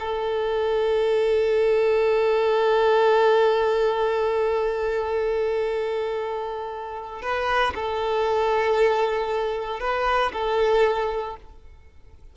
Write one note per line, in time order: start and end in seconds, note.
0.00 7.22 A4
7.22 7.74 B4
7.75 9.81 A4
9.81 10.32 B4
10.33 11.37 A4